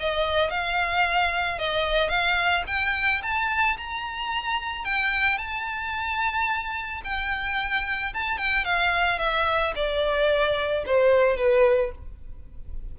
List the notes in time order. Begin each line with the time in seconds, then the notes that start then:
0.00 D#5
0.50 F5
1.59 D#5
2.09 F5
2.67 G5
3.23 A5
3.78 A#5
4.85 G5
5.38 A5
7.04 G5
8.14 A5
8.38 G5
8.65 F5
9.19 E5
9.76 D5
10.86 C5
11.37 B4